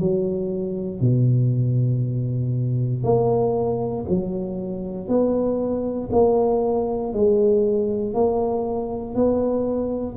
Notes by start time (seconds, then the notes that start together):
0.00 F#3
1.01 B2
3.04 A#3
4.09 F#3
5.08 B3
6.12 A#3
7.13 G#3
8.14 A#3
9.15 B3